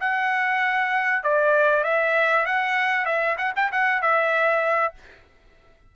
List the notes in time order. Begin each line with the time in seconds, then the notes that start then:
0.00 F#5
1.23 D5
1.84 E5
2.46 F#5
3.05 E5
3.37 F#5
3.55 G5
3.72 F#5
4.01 E5